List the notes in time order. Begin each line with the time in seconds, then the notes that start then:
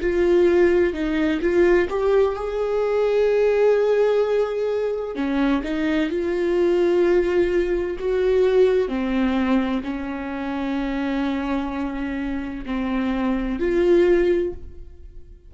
0.00 F4
0.93 D#4
1.41 F4
1.89 G4
2.35 G#4
5.15 C#4
5.63 D#4
6.09 F4
7.99 F#4
8.88 C4
9.83 C#4
12.66 C4
13.59 F4